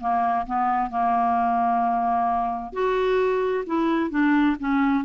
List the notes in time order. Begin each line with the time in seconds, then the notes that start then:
0.00 A#3
0.46 B3
0.90 A#3
2.73 F#4
3.66 E4
4.10 D4
4.59 C#4